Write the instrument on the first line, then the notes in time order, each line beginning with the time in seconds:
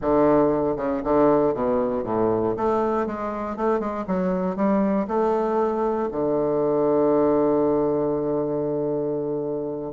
bassoon
0.01 D3
0.76 C#3
1.04 D3
1.54 B2
2.03 A2
2.57 A3
3.06 G#3
3.56 A3
3.79 G#3
4.07 F#3
4.56 G3
5.07 A3
6.11 D3